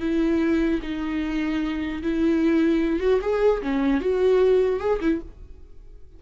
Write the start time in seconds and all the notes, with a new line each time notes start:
0.00 E4
0.82 D#4
2.02 E4
2.99 F#4
3.21 G#4
3.61 C#4
4.00 F#4
4.79 G#4
5.01 E4